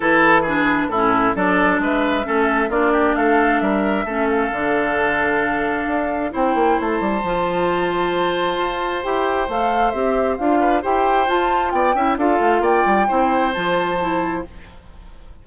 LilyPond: <<
  \new Staff \with { instrumentName = "flute" } { \time 4/4 \tempo 4 = 133 b'8 a'8 b'4 a'4 d''4 | e''2 d''4 f''4 | e''4. f''2~ f''8~ | f''2 g''4 a''4~ |
a''1 | g''4 f''4 e''4 f''4 | g''4 a''4 g''4 f''4 | g''2 a''2 | }
  \new Staff \with { instrumentName = "oboe" } { \time 4/4 a'4 gis'4 e'4 a'4 | b'4 a'4 f'8 g'8 a'4 | ais'4 a'2.~ | a'2 c''2~ |
c''1~ | c''2.~ c''8 b'8 | c''2 d''8 e''8 a'4 | d''4 c''2. | }
  \new Staff \with { instrumentName = "clarinet" } { \time 4/4 e'4 d'4 cis'4 d'4~ | d'4 cis'4 d'2~ | d'4 cis'4 d'2~ | d'2 e'2 |
f'1 | g'4 a'4 g'4 f'4 | g'4 f'4. e'8 f'4~ | f'4 e'4 f'4 e'4 | }
  \new Staff \with { instrumentName = "bassoon" } { \time 4/4 e2 a,4 fis4 | gis4 a4 ais4 a4 | g4 a4 d2~ | d4 d'4 c'8 ais8 a8 g8 |
f2. f'4 | e'4 a4 c'4 d'4 | e'4 f'4 b8 cis'8 d'8 a8 | ais8 g8 c'4 f2 | }
>>